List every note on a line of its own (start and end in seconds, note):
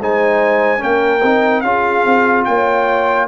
0.00 0.82 G#3
0.00 0.78 D#4
0.00 0.81 C5
0.00 0.83 G#5
0.78 1.22 A#3
0.78 1.19 C#4
0.78 1.64 A#4
0.78 1.61 G5
1.22 1.63 C4
1.22 1.64 D#4
1.61 2.04 C#4
1.61 3.28 F4
1.61 2.47 G#4
1.61 2.43 F5
2.05 2.47 C4
2.45 3.28 A#3
2.45 3.28 C#5
2.45 3.27 G5